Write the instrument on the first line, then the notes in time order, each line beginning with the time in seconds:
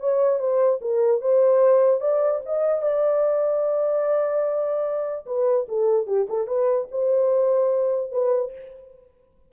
horn
0.00 C#5
0.39 C5
0.81 A#4
1.21 C5
2.00 D5
2.45 D#5
2.82 D5
5.26 B4
5.68 A4
6.07 G4
6.29 A4
6.47 B4
6.91 C5
8.11 B4